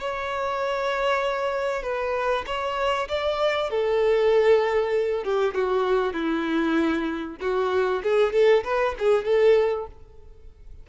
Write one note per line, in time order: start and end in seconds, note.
0.00 1.83 C#5
1.83 2.45 B4
2.46 3.08 C#5
3.08 3.70 D5
3.70 5.24 A4
5.24 5.54 G4
5.54 6.13 F#4
6.13 7.37 E4
7.41 8.02 F#4
8.03 8.33 G#4
8.33 8.63 A4
8.64 8.95 B4
8.99 9.25 G#4
9.25 9.87 A4